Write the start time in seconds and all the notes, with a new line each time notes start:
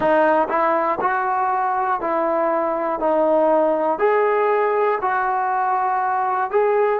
0.00 D#4
0.48 E4
1.00 F#4
2.00 E4
2.99 D#4
3.98 G#4
5.01 F#4
6.50 G#4